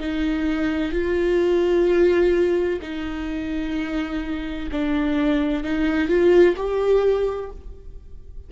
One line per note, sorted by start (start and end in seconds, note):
0.00 0.92 D#4
0.92 2.80 F4
2.82 4.70 D#4
4.72 5.64 D4
5.64 6.09 D#4
6.09 6.56 F4
6.57 7.51 G4